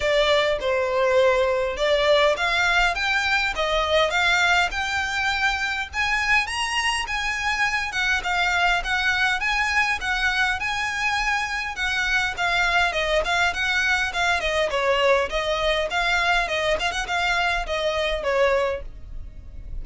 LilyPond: \new Staff \with { instrumentName = "violin" } { \time 4/4 \tempo 4 = 102 d''4 c''2 d''4 | f''4 g''4 dis''4 f''4 | g''2 gis''4 ais''4 | gis''4. fis''8 f''4 fis''4 |
gis''4 fis''4 gis''2 | fis''4 f''4 dis''8 f''8 fis''4 | f''8 dis''8 cis''4 dis''4 f''4 | dis''8 f''16 fis''16 f''4 dis''4 cis''4 | }